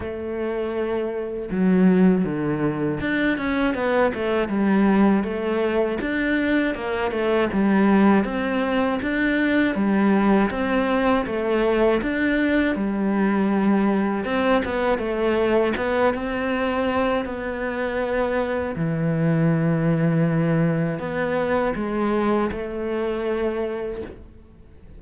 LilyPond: \new Staff \with { instrumentName = "cello" } { \time 4/4 \tempo 4 = 80 a2 fis4 d4 | d'8 cis'8 b8 a8 g4 a4 | d'4 ais8 a8 g4 c'4 | d'4 g4 c'4 a4 |
d'4 g2 c'8 b8 | a4 b8 c'4. b4~ | b4 e2. | b4 gis4 a2 | }